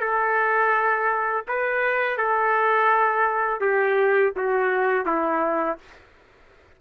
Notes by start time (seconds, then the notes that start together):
0.00 A4
1.47 B4
2.17 A4
3.60 G4
4.36 F#4
5.06 E4